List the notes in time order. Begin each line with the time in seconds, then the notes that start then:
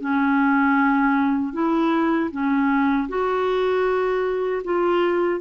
0.00 C#4
1.53 E4
2.31 C#4
3.08 F#4
4.64 F4